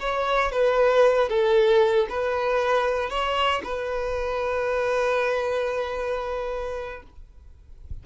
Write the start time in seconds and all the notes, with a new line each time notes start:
0.00 C#5
0.52 B4
1.29 A4
2.09 B4
3.10 C#5
3.64 B4